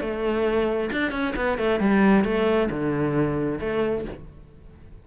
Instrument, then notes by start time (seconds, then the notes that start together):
cello
0.00 A3
0.92 D4
1.11 C#4
1.35 B3
1.58 A3
1.80 G3
2.24 A3
2.69 D3
3.60 A3